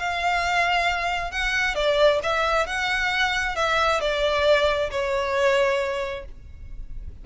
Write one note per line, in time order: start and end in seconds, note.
0.00 1.32 F5
1.32 1.76 F#5
1.76 2.20 D5
2.23 2.67 E5
2.67 3.56 F#5
3.56 4.01 E5
4.01 4.91 D5
4.91 6.25 C#5